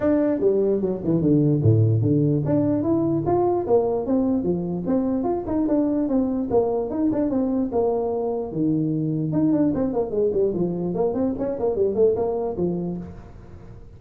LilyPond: \new Staff \with { instrumentName = "tuba" } { \time 4/4 \tempo 4 = 148 d'4 g4 fis8 e8 d4 | a,4 d4 d'4 e'4 | f'4 ais4 c'4 f4 | c'4 f'8 dis'8 d'4 c'4 |
ais4 dis'8 d'8 c'4 ais4~ | ais4 dis2 dis'8 d'8 | c'8 ais8 gis8 g8 f4 ais8 c'8 | cis'8 ais8 g8 a8 ais4 f4 | }